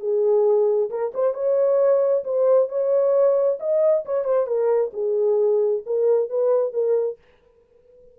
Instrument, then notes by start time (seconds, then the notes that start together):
horn
0.00 G#4
0.90 A#4
1.14 C5
1.34 C#5
2.24 C5
2.69 C#5
3.59 D#5
4.05 C#5
4.24 C5
4.47 A#4
4.93 G#4
5.86 A#4
6.30 B4
6.73 A#4